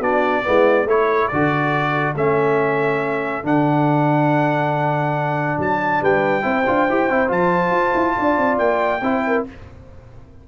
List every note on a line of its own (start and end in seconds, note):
0.00 0.43 B3
0.00 0.44 D4
0.00 0.43 F#4
0.00 0.88 D5
0.44 0.86 G#3
0.44 0.87 B3
0.44 0.88 E4
0.86 1.29 A3
0.86 1.32 E4
0.86 6.01 A4
0.86 1.28 C#5
1.28 2.15 D3
1.28 2.16 F#4
1.28 2.14 D5
2.15 3.43 A3
2.15 3.43 C#4
2.15 3.46 E5
3.43 5.58 D3
3.43 6.42 D4
3.43 5.61 F#5
5.58 6.01 F#3
5.58 6.04 A5
6.01 6.45 G3
6.01 6.44 B4
6.01 7.32 G5
6.42 6.66 C4
6.42 6.63 E4
6.42 8.16 C5
6.67 6.89 D4
6.67 6.88 F4
6.89 7.10 E4
6.89 7.11 G4
7.10 7.31 C4
7.10 7.28 E4
7.28 7.71 F3
7.28 8.99 F4
7.28 8.58 A5
7.71 7.92 F4
7.94 8.16 E4
8.18 8.38 D4
8.18 9.02 D5
8.38 8.59 C4
8.58 9.02 A#3
8.58 9.44 G5
9.02 9.44 C4
9.02 9.47 E4
9.02 9.24 C5
9.27 9.48 A#4